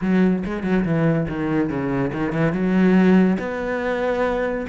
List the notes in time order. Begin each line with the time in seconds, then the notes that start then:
0.01 F#3
0.45 G#3
0.63 F#3
0.84 E3
1.28 D#3
1.69 C#3
2.13 D#3
2.32 E3
2.52 F#3
3.38 B3